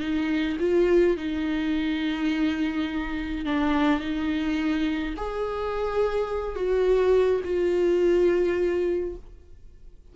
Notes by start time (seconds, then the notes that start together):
0.00 D#4
0.59 F4
1.16 D#4
3.45 D4
4.00 D#4
5.16 G#4
6.55 F#4
7.44 F4